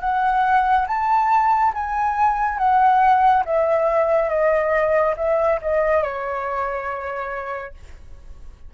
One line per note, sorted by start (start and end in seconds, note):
0.00 0.86 F#5
0.87 1.73 A5
1.74 2.58 G#5
2.58 3.44 F#5
3.45 4.29 E5
4.29 5.15 D#5
5.16 5.59 E5
5.61 6.02 D#5
6.02 7.74 C#5